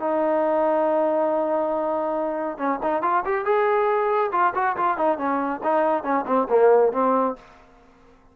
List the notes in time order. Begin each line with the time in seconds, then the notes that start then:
0.00 D#4
2.58 C#4
2.83 D#4
3.02 F4
3.25 G4
3.45 G#4
4.32 F4
4.55 F#4
4.77 F4
4.97 D#4
5.18 C#4
5.64 D#4
6.04 C#4
6.26 C4
6.49 A#3
6.93 C4